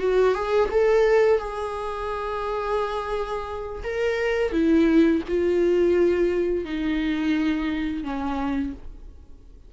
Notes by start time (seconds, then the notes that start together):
0.00 F#4
0.35 G#4
0.71 A4
1.39 G#4
3.84 A#4
4.53 E4
5.29 F4
6.65 D#4
8.04 C#4